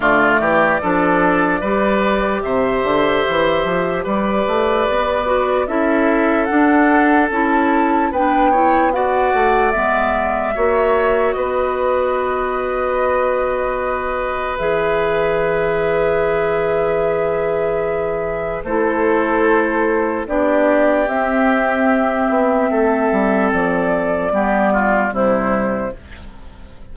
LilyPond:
<<
  \new Staff \with { instrumentName = "flute" } { \time 4/4 \tempo 4 = 74 d''2. e''4~ | e''4 d''2 e''4 | fis''4 a''4 g''4 fis''4 | e''2 dis''2~ |
dis''2 e''2~ | e''2. c''4~ | c''4 d''4 e''2~ | e''4 d''2 c''4 | }
  \new Staff \with { instrumentName = "oboe" } { \time 4/4 f'8 g'8 a'4 b'4 c''4~ | c''4 b'2 a'4~ | a'2 b'8 cis''8 d''4~ | d''4 cis''4 b'2~ |
b'1~ | b'2. a'4~ | a'4 g'2. | a'2 g'8 f'8 e'4 | }
  \new Staff \with { instrumentName = "clarinet" } { \time 4/4 a4 d'4 g'2~ | g'2~ g'8 fis'8 e'4 | d'4 e'4 d'8 e'8 fis'4 | b4 fis'2.~ |
fis'2 gis'2~ | gis'2. e'4~ | e'4 d'4 c'2~ | c'2 b4 g4 | }
  \new Staff \with { instrumentName = "bassoon" } { \time 4/4 d8 e8 f4 g4 c8 d8 | e8 f8 g8 a8 b4 cis'4 | d'4 cis'4 b4. a8 | gis4 ais4 b2~ |
b2 e2~ | e2. a4~ | a4 b4 c'4. b8 | a8 g8 f4 g4 c4 | }
>>